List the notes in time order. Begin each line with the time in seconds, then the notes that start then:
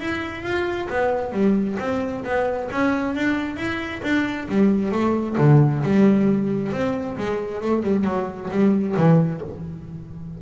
0.00 E4
0.43 F4
0.89 B3
1.32 G3
1.79 C4
2.25 B3
2.72 C#4
3.15 D4
3.57 E4
4.03 D4
4.49 G3
4.92 A3
5.38 D3
5.83 G3
6.72 C4
7.17 G#3
7.61 A3
7.83 G3
8.04 F#3
8.51 G3
8.97 E3